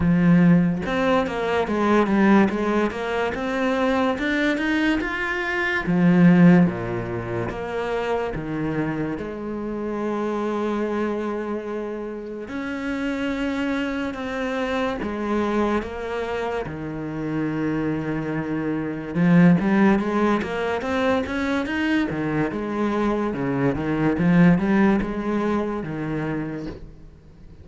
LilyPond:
\new Staff \with { instrumentName = "cello" } { \time 4/4 \tempo 4 = 72 f4 c'8 ais8 gis8 g8 gis8 ais8 | c'4 d'8 dis'8 f'4 f4 | ais,4 ais4 dis4 gis4~ | gis2. cis'4~ |
cis'4 c'4 gis4 ais4 | dis2. f8 g8 | gis8 ais8 c'8 cis'8 dis'8 dis8 gis4 | cis8 dis8 f8 g8 gis4 dis4 | }